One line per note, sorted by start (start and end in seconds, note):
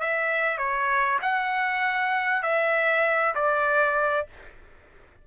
0.00 0.58 E5
0.58 1.19 C#5
1.22 2.42 F#5
2.42 3.34 E5
3.35 4.27 D5